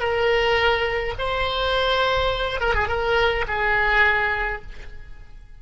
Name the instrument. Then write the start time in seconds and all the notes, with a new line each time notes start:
oboe
0.00 A#4
1.19 C5
2.61 A#4
2.75 G#4
2.88 A#4
3.48 G#4